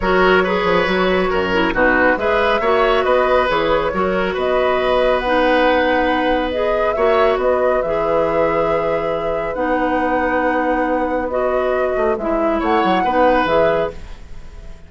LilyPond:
<<
  \new Staff \with { instrumentName = "flute" } { \time 4/4 \tempo 4 = 138 cis''1 | b'4 e''2 dis''4 | cis''2 dis''2 | fis''2. dis''4 |
e''4 dis''4 e''2~ | e''2 fis''2~ | fis''2 dis''2 | e''4 fis''2 e''4 | }
  \new Staff \with { instrumentName = "oboe" } { \time 4/4 ais'4 b'2 ais'4 | fis'4 b'4 cis''4 b'4~ | b'4 ais'4 b'2~ | b'1 |
cis''4 b'2.~ | b'1~ | b'1~ | b'4 cis''4 b'2 | }
  \new Staff \with { instrumentName = "clarinet" } { \time 4/4 fis'4 gis'4 fis'4. e'8 | dis'4 gis'4 fis'2 | gis'4 fis'2. | dis'2. gis'4 |
fis'2 gis'2~ | gis'2 dis'2~ | dis'2 fis'2 | e'2 dis'4 gis'4 | }
  \new Staff \with { instrumentName = "bassoon" } { \time 4/4 fis4. f8 fis4 fis,4 | b,4 gis4 ais4 b4 | e4 fis4 b2~ | b1 |
ais4 b4 e2~ | e2 b2~ | b2.~ b8 a8 | gis4 a8 fis8 b4 e4 | }
>>